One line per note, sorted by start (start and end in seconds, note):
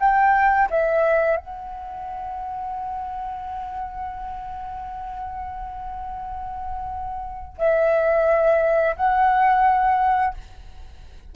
0.00 0.69 G5
0.70 1.37 E5
1.37 7.58 F#5
7.58 8.96 E5
8.97 10.34 F#5